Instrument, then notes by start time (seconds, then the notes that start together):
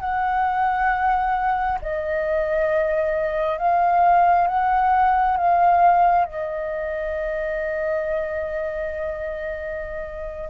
flute
0.00 F#5
1.82 D#5
3.58 F5
4.47 F#5
5.37 F5
6.25 D#5